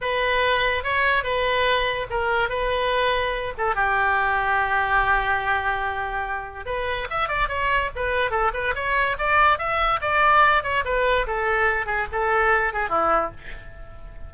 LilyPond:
\new Staff \with { instrumentName = "oboe" } { \time 4/4 \tempo 4 = 144 b'2 cis''4 b'4~ | b'4 ais'4 b'2~ | b'8 a'8 g'2.~ | g'1 |
b'4 e''8 d''8 cis''4 b'4 | a'8 b'8 cis''4 d''4 e''4 | d''4. cis''8 b'4 a'4~ | a'8 gis'8 a'4. gis'8 e'4 | }